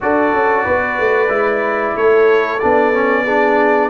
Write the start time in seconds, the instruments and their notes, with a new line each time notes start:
0.00 tuba D4, trombone F#4, horn A4, trumpet D5
0.33 tuba C#4
0.64 tuba B3, horn B4
0.99 tuba A3
1.28 tuba G#3, trombone E4
1.96 tuba A3, horn A4, trumpet C#5
2.59 tuba B3, trombone D4, trumpet D5
2.93 trombone C#4
3.24 trombone D4, horn G#4